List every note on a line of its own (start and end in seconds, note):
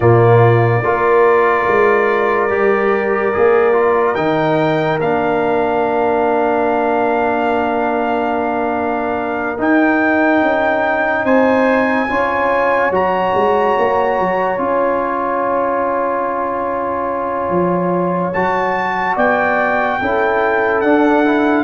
0.00 0.82 A#2
0.00 0.84 A#3
0.00 0.83 F4
0.00 4.15 D5
0.83 1.66 A#3
0.83 2.49 F4
0.83 11.24 A#4
1.67 2.49 G#3
2.49 3.32 G3
2.49 3.32 G4
3.33 4.16 A#3
3.33 3.73 G#4
3.73 4.15 F4
4.15 4.99 D#3
4.15 5.00 D#4
4.15 4.98 G5
4.99 9.58 A#3
4.99 9.57 D4
4.99 9.59 F5
9.57 12.07 D#4
9.57 10.41 D#4
9.57 11.25 G5
10.41 11.24 C#4
11.24 12.07 C4
11.24 12.07 C5
11.24 12.91 G#5
12.08 12.90 C#4
12.08 12.91 F4
12.08 19.15 C#5
12.90 13.32 F#3
12.90 14.58 F#4
12.90 14.60 A#5
13.34 13.76 G#3
13.78 14.19 A#3
14.19 14.58 F#3
14.58 17.49 C#4
14.58 18.33 F4
14.58 18.33 G#5
17.49 18.32 F3
18.33 19.16 F#3
18.33 20.01 F#4
18.33 19.16 A5
19.15 19.99 B3
19.15 19.99 D5
19.15 20.80 G5
20.00 20.82 C#4
20.00 20.84 E4
20.00 21.64 A4
20.80 21.64 D4
20.80 21.24 D4
20.80 21.64 F#5
21.24 21.64 E4